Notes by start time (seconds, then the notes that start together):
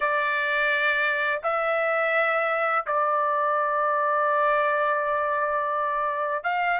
0.00 D5
1.43 E5
2.86 D5
6.43 F5